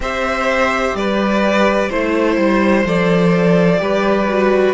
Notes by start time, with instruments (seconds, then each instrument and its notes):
0.00 cello C4, viola G4, violin C5 E5
0.94 cello G3, violin B4 D5
1.89 cello A3, viola E4, violin C5
2.37 cello G3
2.85 cello F3, viola A4, violin D5
3.78 cello G3, viola G4, violin B4
4.29 viola F#4